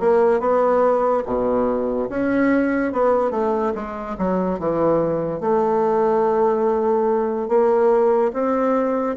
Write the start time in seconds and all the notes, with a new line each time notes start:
0.00 A#3
0.40 B3
1.26 B2
2.10 C#4
2.92 B3
3.31 A3
3.75 G#3
4.18 F#3
4.59 E3
5.41 A3
7.48 A#3
8.33 C4